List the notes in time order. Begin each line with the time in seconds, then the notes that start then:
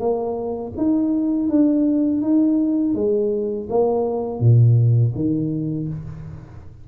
0.00 A#3
0.77 D#4
1.50 D4
2.22 D#4
2.95 G#3
3.70 A#3
4.40 A#2
5.16 D#3